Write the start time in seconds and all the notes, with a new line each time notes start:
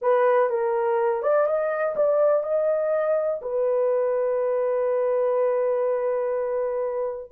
0.01 B4
0.49 A#4
1.22 D5
1.47 D#5
1.96 D5
2.43 D#5
3.41 B4